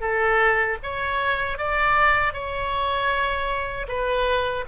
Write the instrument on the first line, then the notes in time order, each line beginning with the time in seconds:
oboe
0.00 A4
0.82 C#5
1.57 D5
2.33 C#5
3.87 B4